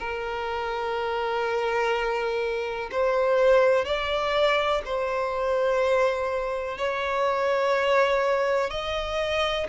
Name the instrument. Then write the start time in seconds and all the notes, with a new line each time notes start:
violin
0.00 A#4
2.92 C5
3.86 D5
4.86 C5
6.78 C#5
8.71 D#5